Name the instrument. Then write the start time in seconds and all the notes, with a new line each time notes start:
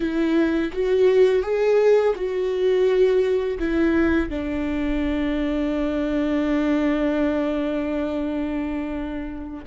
viola
0.00 E4
0.72 F#4
1.42 G#4
2.15 F#4
3.59 E4
4.29 D4